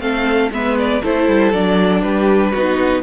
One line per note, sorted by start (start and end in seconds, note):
0.00 0.50 A3
0.00 0.51 C4
0.00 0.53 A4
0.00 0.51 F5
0.52 1.02 G#3
0.52 1.04 B3
0.52 1.03 B4
0.52 0.79 E5
0.79 1.04 D5
1.03 1.29 A3
1.03 1.55 E4
1.03 2.04 A4
1.03 1.53 C5
1.29 1.53 G3
1.53 2.03 F#3
1.53 2.55 D4
1.53 2.01 D5
2.01 2.53 G3
2.01 2.52 G4
2.01 3.02 B4
2.52 3.03 B3
2.52 3.03 D#4
2.52 3.03 F#4